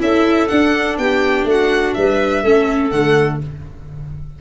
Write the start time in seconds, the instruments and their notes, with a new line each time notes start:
0.00 tuba C#4, viola E4, clarinet A4, violin E5
0.48 viola D4, tuba D4, violin F#5
0.98 tuba B3, clarinet G4, violin G5
1.45 tuba A3, clarinet F#4
1.51 violin F#5
1.94 tuba G3, clarinet B4, violin E5
2.44 tuba A3, viola C#4, clarinet A4
2.91 tuba D3, viola A3, violin F#5